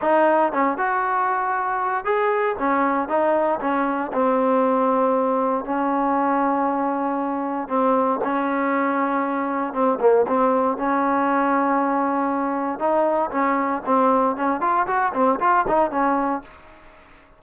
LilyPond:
\new Staff \with { instrumentName = "trombone" } { \time 4/4 \tempo 4 = 117 dis'4 cis'8 fis'2~ fis'8 | gis'4 cis'4 dis'4 cis'4 | c'2. cis'4~ | cis'2. c'4 |
cis'2. c'8 ais8 | c'4 cis'2.~ | cis'4 dis'4 cis'4 c'4 | cis'8 f'8 fis'8 c'8 f'8 dis'8 cis'4 | }